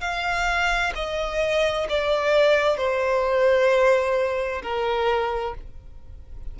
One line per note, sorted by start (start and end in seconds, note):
0.00 0.92 F5
0.95 1.87 D#5
1.89 2.77 D5
2.77 4.62 C5
4.62 5.54 A#4